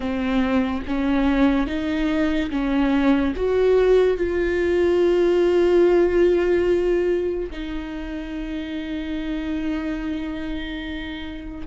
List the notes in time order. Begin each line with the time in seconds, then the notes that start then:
0.00 C4
0.87 C#4
1.66 D#4
2.50 C#4
3.35 F#4
4.17 F4
7.50 D#4